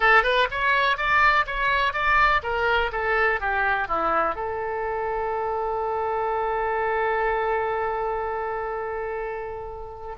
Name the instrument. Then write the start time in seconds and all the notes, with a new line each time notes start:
oboe
0.00 A4
0.23 B4
0.50 C#5
0.97 D5
1.46 C#5
1.93 D5
2.43 A#4
2.92 A4
3.40 G4
3.88 E4
4.35 A4